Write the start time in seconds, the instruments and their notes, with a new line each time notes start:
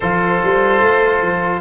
0.00 tuba F3, trombone F4, oboe A4, violin C5
0.43 tuba G3
0.81 tuba A3
1.21 tuba F3